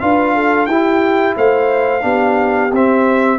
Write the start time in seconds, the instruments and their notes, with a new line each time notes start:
0.00 tuba D4, trombone F4, horn B4, trumpet F5
0.35 horn A4
0.66 tuba E4, trombone E4, horn G4, trumpet G5
1.36 tuba A3, horn C5, trumpet F5
2.01 tuba B3, trombone D4, horn G4
2.72 tuba C4, trombone C4, trumpet E5